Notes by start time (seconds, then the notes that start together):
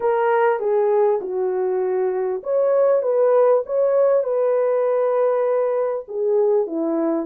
0.00 A#4
0.59 G#4
1.21 F#4
2.43 C#5
3.02 B4
3.65 C#5
4.23 B4
6.07 G#4
6.66 E4